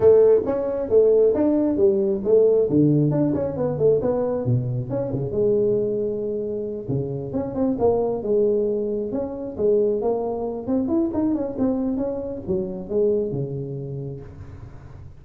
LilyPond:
\new Staff \with { instrumentName = "tuba" } { \time 4/4 \tempo 4 = 135 a4 cis'4 a4 d'4 | g4 a4 d4 d'8 cis'8 | b8 a8 b4 b,4 cis'8 cis8 | gis2.~ gis8 cis8~ |
cis8 cis'8 c'8 ais4 gis4.~ | gis8 cis'4 gis4 ais4. | c'8 e'8 dis'8 cis'8 c'4 cis'4 | fis4 gis4 cis2 | }